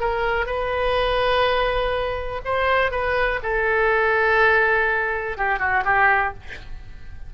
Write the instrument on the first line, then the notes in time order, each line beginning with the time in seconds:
oboe
0.00 A#4
0.46 B4
2.45 C5
2.91 B4
3.43 A4
5.37 G4
5.59 F#4
5.85 G4